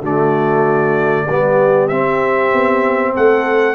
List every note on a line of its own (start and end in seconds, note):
0.00 1.27 D3
0.00 1.28 A3
0.00 1.25 F#4
0.00 1.88 D5
1.28 1.91 G3
1.28 1.91 B3
1.28 3.14 G4
1.88 2.53 C4
1.88 3.76 C4
1.88 3.13 E5
2.53 3.15 B3
3.14 3.76 A3
3.14 3.76 A4
3.14 3.76 F#5